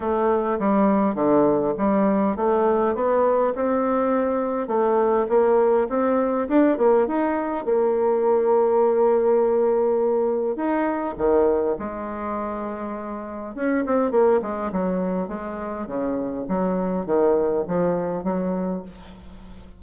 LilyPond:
\new Staff \with { instrumentName = "bassoon" } { \time 4/4 \tempo 4 = 102 a4 g4 d4 g4 | a4 b4 c'2 | a4 ais4 c'4 d'8 ais8 | dis'4 ais2.~ |
ais2 dis'4 dis4 | gis2. cis'8 c'8 | ais8 gis8 fis4 gis4 cis4 | fis4 dis4 f4 fis4 | }